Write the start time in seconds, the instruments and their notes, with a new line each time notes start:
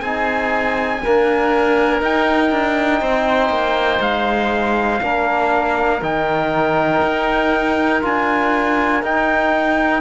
0.00 cello C4, trombone D#4, oboe G#4, trumpet G#5
1.02 trombone A#3, cello D4, oboe A#4
1.99 trombone D#4, cello D#4, trumpet G5
2.51 cello D4
3.00 cello C4, oboe C5
3.49 cello A#3
3.99 cello G#3, trumpet F5
5.00 cello A#3, trombone D4, oboe A#4
6.01 cello D#3, trombone D#4, trumpet G5
7.02 cello D#4
8.01 cello D4, trombone F4, trumpet G#5
9.02 cello D#4, trombone D#4, trumpet G5